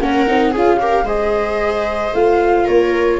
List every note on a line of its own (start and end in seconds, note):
0.00 0.27 A#3
0.00 0.27 C#4
0.00 0.51 A#4
0.00 0.54 F#5
0.27 0.55 C4
0.27 0.54 D#4
0.51 1.04 C#4
0.51 0.80 F4
0.51 0.78 G#4
0.57 1.08 F5
0.80 1.07 G4
0.80 1.05 A#4
1.04 2.11 G#3
1.04 2.15 G#4
1.04 2.65 C5
1.04 2.15 D#5
2.14 2.67 A3
2.14 3.20 F4
2.14 2.68 F5
2.65 3.20 A#3
2.65 3.18 A#4
2.65 3.20 C#5